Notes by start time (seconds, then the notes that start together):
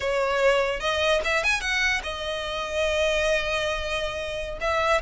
0.00 C#5
0.80 D#5
1.24 E5
1.43 G#5
1.60 F#5
2.03 D#5
4.60 E5